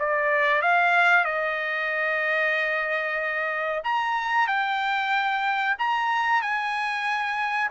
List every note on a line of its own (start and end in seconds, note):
0.00 0.62 D5
0.62 1.25 F5
1.25 3.83 D#5
3.84 4.48 A#5
4.48 5.77 G5
5.79 6.42 A#5
6.42 7.71 G#5